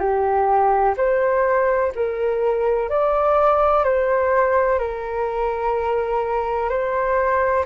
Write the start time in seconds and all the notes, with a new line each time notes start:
0.00 G4
0.97 C5
1.95 A#4
2.90 D5
3.85 C5
4.80 A#4
6.70 C5